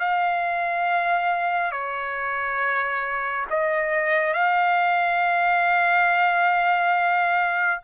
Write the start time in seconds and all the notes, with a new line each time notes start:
0.00 F5
1.72 C#5
3.51 D#5
4.34 F5